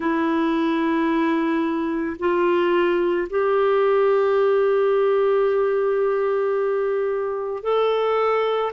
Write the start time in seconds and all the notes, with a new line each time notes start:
0.00 E4
2.19 F4
3.29 G4
7.63 A4